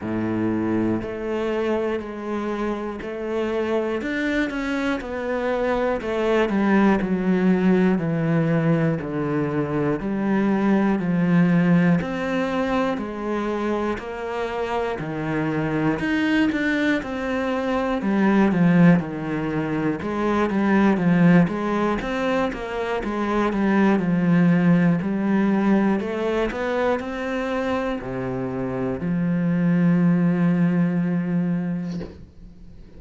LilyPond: \new Staff \with { instrumentName = "cello" } { \time 4/4 \tempo 4 = 60 a,4 a4 gis4 a4 | d'8 cis'8 b4 a8 g8 fis4 | e4 d4 g4 f4 | c'4 gis4 ais4 dis4 |
dis'8 d'8 c'4 g8 f8 dis4 | gis8 g8 f8 gis8 c'8 ais8 gis8 g8 | f4 g4 a8 b8 c'4 | c4 f2. | }